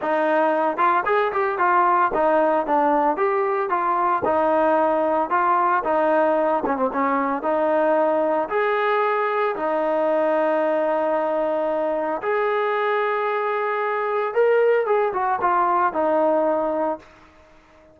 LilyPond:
\new Staff \with { instrumentName = "trombone" } { \time 4/4 \tempo 4 = 113 dis'4. f'8 gis'8 g'8 f'4 | dis'4 d'4 g'4 f'4 | dis'2 f'4 dis'4~ | dis'8 cis'16 c'16 cis'4 dis'2 |
gis'2 dis'2~ | dis'2. gis'4~ | gis'2. ais'4 | gis'8 fis'8 f'4 dis'2 | }